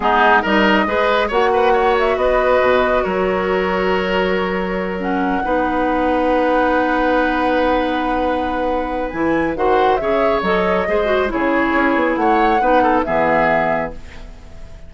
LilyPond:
<<
  \new Staff \with { instrumentName = "flute" } { \time 4/4 \tempo 4 = 138 gis'4 dis''2 fis''4~ | fis''8 e''8 dis''2 cis''4~ | cis''2.~ cis''8 fis''8~ | fis''1~ |
fis''1~ | fis''4 gis''4 fis''4 e''4 | dis''2 cis''2 | fis''2 e''2 | }
  \new Staff \with { instrumentName = "oboe" } { \time 4/4 dis'4 ais'4 b'4 cis''8 b'8 | cis''4 b'2 ais'4~ | ais'1~ | ais'8 b'2.~ b'8~ |
b'1~ | b'2 c''4 cis''4~ | cis''4 c''4 gis'2 | cis''4 b'8 a'8 gis'2 | }
  \new Staff \with { instrumentName = "clarinet" } { \time 4/4 b4 dis'4 gis'4 fis'4~ | fis'1~ | fis'2.~ fis'8 cis'8~ | cis'8 dis'2.~ dis'8~ |
dis'1~ | dis'4 e'4 fis'4 gis'4 | a'4 gis'8 fis'8 e'2~ | e'4 dis'4 b2 | }
  \new Staff \with { instrumentName = "bassoon" } { \time 4/4 gis4 g4 gis4 ais4~ | ais4 b4 b,4 fis4~ | fis1~ | fis8 b2.~ b8~ |
b1~ | b4 e4 dis4 cis4 | fis4 gis4 cis4 cis'8 b8 | a4 b4 e2 | }
>>